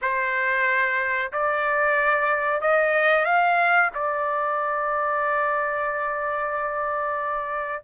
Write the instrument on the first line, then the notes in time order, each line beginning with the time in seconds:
trumpet
0.01 C5
1.32 D5
2.61 D#5
3.25 F5
3.94 D5